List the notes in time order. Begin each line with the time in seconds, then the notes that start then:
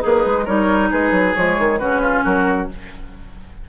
0.00 A#3 D#4 G#4 B4
0.25 G#3
0.45 G3 D#4 A#4 C#5
0.90 G#3 G#4 B4
1.11 F#3
1.34 F3 G#3 C#5
1.58 D#3
1.78 C#3 C#4 F#4 B4
2.01 F4
2.23 F#3 F#4 A#4